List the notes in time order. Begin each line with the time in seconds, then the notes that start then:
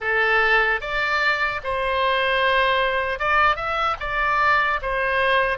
0.00 A4
0.80 D5
1.63 C5
3.19 D5
3.56 E5
4.00 D5
4.81 C5